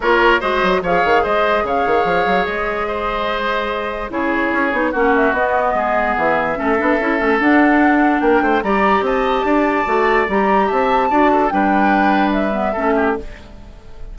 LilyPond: <<
  \new Staff \with { instrumentName = "flute" } { \time 4/4 \tempo 4 = 146 cis''4 dis''4 f''4 dis''4 | f''2 dis''2~ | dis''2 cis''2 | fis''8 e''8 dis''2 e''4~ |
e''2 fis''2 | g''4 ais''4 a''2~ | a''4 ais''4 a''2 | g''2 e''2 | }
  \new Staff \with { instrumentName = "oboe" } { \time 4/4 ais'4 c''4 cis''4 c''4 | cis''2. c''4~ | c''2 gis'2 | fis'2 gis'2 |
a'1 | ais'8 c''8 d''4 dis''4 d''4~ | d''2 e''4 d''8 a'8 | b'2. a'8 g'8 | }
  \new Staff \with { instrumentName = "clarinet" } { \time 4/4 f'4 fis'4 gis'2~ | gis'1~ | gis'2 e'4. dis'8 | cis'4 b2. |
cis'8 d'8 e'8 cis'8 d'2~ | d'4 g'2. | fis'4 g'2 fis'4 | d'2~ d'8 b8 cis'4 | }
  \new Staff \with { instrumentName = "bassoon" } { \time 4/4 ais4 gis8 fis8 f8 dis8 gis4 | cis8 dis8 f8 fis8 gis2~ | gis2 cis4 cis'8 b8 | ais4 b4 gis4 e4 |
a8 b8 cis'8 a8 d'2 | ais8 a8 g4 c'4 d'4 | a4 g4 c'4 d'4 | g2. a4 | }
>>